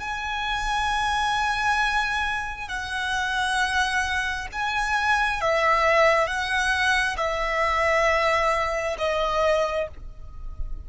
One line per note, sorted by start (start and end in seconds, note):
0.00 2.69 G#5
2.69 4.48 F#5
4.53 5.42 G#5
5.42 6.27 E5
6.27 7.17 F#5
7.18 8.97 E5
8.98 9.88 D#5